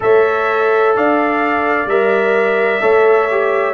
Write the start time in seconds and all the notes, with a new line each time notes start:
0.00 A3 A4 C#5 E5
0.96 D4 D5 F5
1.85 G3 A#4 E5
2.80 A3 A4 C#5
3.30 G4